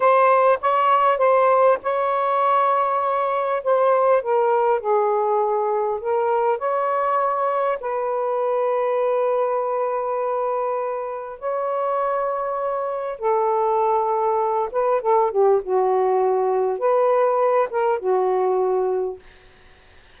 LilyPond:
\new Staff \with { instrumentName = "saxophone" } { \time 4/4 \tempo 4 = 100 c''4 cis''4 c''4 cis''4~ | cis''2 c''4 ais'4 | gis'2 ais'4 cis''4~ | cis''4 b'2.~ |
b'2. cis''4~ | cis''2 a'2~ | a'8 b'8 a'8 g'8 fis'2 | b'4. ais'8 fis'2 | }